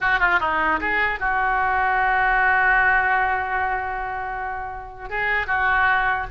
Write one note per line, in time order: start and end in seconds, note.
0.01 0.19 F#4
0.19 0.39 F4
0.40 0.80 D#4
0.80 1.19 G#4
1.19 5.09 F#4
5.09 5.47 G#4
5.47 6.27 F#4